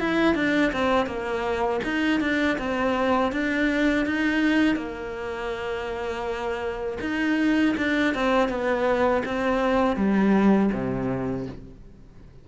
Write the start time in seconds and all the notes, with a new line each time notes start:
0.00 E4
0.35 D4
0.73 C4
1.07 A#3
1.85 D#4
2.21 D4
2.59 C4
3.32 D4
4.06 D#4
4.76 A#3
7.01 D#4
7.78 D4
8.15 C4
8.49 B3
9.26 C4
9.97 G3
10.73 C3